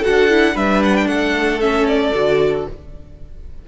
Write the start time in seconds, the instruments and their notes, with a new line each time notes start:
0.00 viola F#4, violin A4 F#5
0.08 cello D4
0.30 viola E4
0.55 cello G3, viola D4, violin B4 E5
0.83 violin F#5
0.96 violin G5
1.06 cello A3, violin A4 F#5
1.61 viola C#4, violin E5
1.87 violin D5
2.15 cello D3, viola F#4